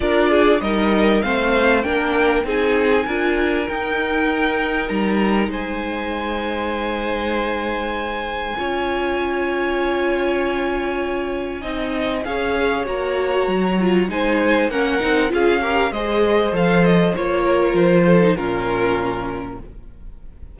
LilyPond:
<<
  \new Staff \with { instrumentName = "violin" } { \time 4/4 \tempo 4 = 98 d''4 dis''4 f''4 g''4 | gis''2 g''2 | ais''4 gis''2.~ | gis''1~ |
gis''1 | f''4 ais''2 gis''4 | fis''4 f''4 dis''4 f''8 dis''8 | cis''4 c''4 ais'2 | }
  \new Staff \with { instrumentName = "violin" } { \time 4/4 ais'8 gis'8 ais'4 c''4 ais'4 | gis'4 ais'2.~ | ais'4 c''2.~ | c''2 cis''2~ |
cis''2. dis''4 | cis''2. c''4 | ais'4 gis'8 ais'8 c''2~ | c''8 ais'4 a'8 f'2 | }
  \new Staff \with { instrumentName = "viola" } { \time 4/4 f'4 dis'4 c'4 d'4 | dis'4 f'4 dis'2~ | dis'1~ | dis'2 f'2~ |
f'2. dis'4 | gis'4 fis'4. f'8 dis'4 | cis'8 dis'8 f'8 g'8 gis'4 a'4 | f'4.~ f'16 dis'16 cis'2 | }
  \new Staff \with { instrumentName = "cello" } { \time 4/4 d'4 g4 a4 ais4 | c'4 d'4 dis'2 | g4 gis2.~ | gis2 cis'2~ |
cis'2. c'4 | cis'4 ais4 fis4 gis4 | ais8 c'8 cis'4 gis4 f4 | ais4 f4 ais,2 | }
>>